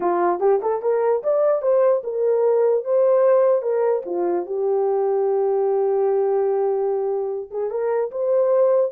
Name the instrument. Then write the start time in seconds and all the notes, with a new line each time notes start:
horn
0.00 F4
0.40 G4
0.62 A4
0.82 A#4
1.23 D5
1.61 C5
2.03 A#4
2.84 C5
3.62 A#4
4.05 F4
4.46 G4
7.50 G#4
7.70 A#4
8.11 C5